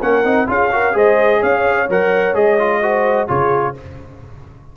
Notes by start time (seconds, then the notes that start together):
0.00 A#3 C#4 A#4 F#5
0.24 C4 D#4
0.47 C#4 F4 G#4 F5
0.72 F#4 A#4
0.93 G#3 G#4 C5 D#5
1.39 C#4 C#5 F5
1.89 F#3 A#4 F#5
2.34 G#3 G#4 D#5
2.59 F4
2.81 F#4 C5
3.28 C#3 F4 G#4 C#5